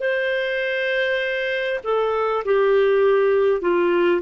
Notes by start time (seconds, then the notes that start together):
0.00 C5
1.83 A4
2.45 G4
3.61 F4